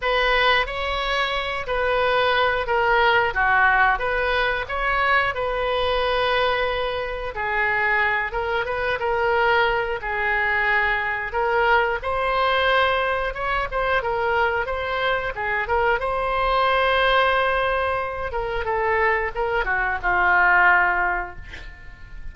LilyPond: \new Staff \with { instrumentName = "oboe" } { \time 4/4 \tempo 4 = 90 b'4 cis''4. b'4. | ais'4 fis'4 b'4 cis''4 | b'2. gis'4~ | gis'8 ais'8 b'8 ais'4. gis'4~ |
gis'4 ais'4 c''2 | cis''8 c''8 ais'4 c''4 gis'8 ais'8 | c''2.~ c''8 ais'8 | a'4 ais'8 fis'8 f'2 | }